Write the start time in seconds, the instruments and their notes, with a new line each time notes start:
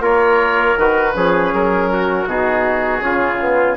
0.00 bassoon A#3, trombone F4, trumpet A#4, oboe C#5
0.77 bassoon D#3, trombone F#4, oboe B4
1.14 bassoon F3, trombone C#4, trumpet G#4
1.53 bassoon F#3, oboe A#4
1.93 trumpet F#4
2.25 bassoon B2, trombone D#4, oboe G#4
3.00 bassoon C#3, trombone C#4, trumpet F4
3.41 trombone B3